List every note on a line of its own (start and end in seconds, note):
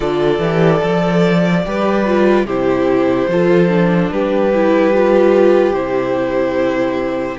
0.00 0.39 D3
0.00 0.41 F4
0.00 1.61 A4
0.00 2.46 D5
0.39 0.80 E3
0.39 0.80 G4
0.80 1.66 F3
0.80 1.62 A4
1.65 2.44 G3
1.65 2.05 G4
1.65 2.46 B4
2.05 2.46 F4
2.44 3.27 C3
2.44 3.30 E4
2.44 3.28 G4
2.44 4.11 C5
3.27 4.09 F3
3.27 3.68 F4
3.27 4.12 A4
3.68 4.50 D4
4.11 5.71 G3
4.11 7.39 G4
4.11 5.73 B4
4.54 4.93 E4
4.93 5.73 F4
5.71 7.36 C3
5.71 7.38 E4
5.71 7.37 C5